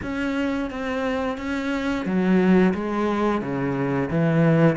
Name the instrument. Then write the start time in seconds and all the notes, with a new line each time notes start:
cello
0.02 C#4
0.70 C4
1.37 C#4
2.05 F#3
2.74 G#3
3.41 C#3
4.10 E3